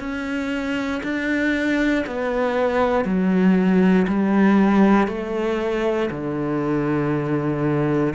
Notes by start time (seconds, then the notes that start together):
0.00 C#4
1.03 D4
2.07 B3
3.05 F#3
4.08 G3
5.08 A3
6.11 D3